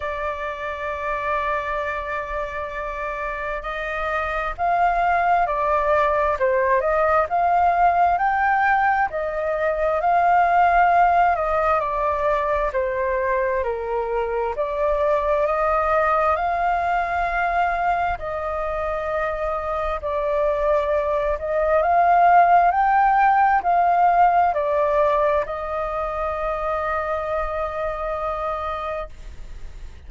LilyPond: \new Staff \with { instrumentName = "flute" } { \time 4/4 \tempo 4 = 66 d''1 | dis''4 f''4 d''4 c''8 dis''8 | f''4 g''4 dis''4 f''4~ | f''8 dis''8 d''4 c''4 ais'4 |
d''4 dis''4 f''2 | dis''2 d''4. dis''8 | f''4 g''4 f''4 d''4 | dis''1 | }